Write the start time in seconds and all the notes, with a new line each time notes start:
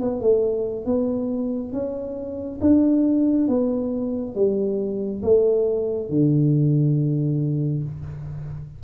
0.00 B3
0.20 A3
0.85 B3
1.72 C#4
2.61 D4
3.48 B3
4.35 G3
5.23 A3
6.09 D3